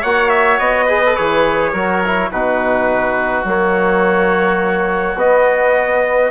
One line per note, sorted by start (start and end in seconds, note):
0.00 0.59 A#3
0.00 0.88 F#4
0.00 0.85 C#5
0.00 0.29 F#5
0.29 0.57 E5
0.59 1.16 B3
0.59 1.15 D#5
0.85 1.02 G#4
0.85 1.71 B4
1.06 1.17 A4
1.15 1.72 E3
1.15 1.74 G#4
1.15 2.30 C#5
1.72 2.29 F#3
1.72 2.04 F#4
1.72 2.29 A#4
2.05 2.32 E4
2.31 3.43 B2
2.31 3.45 D#4
2.31 6.31 F#4
2.31 3.46 B4
3.43 5.15 F#3
3.43 5.16 A#3
3.43 5.18 C#5
5.15 6.29 B3
5.15 6.31 B3
5.15 6.31 D#5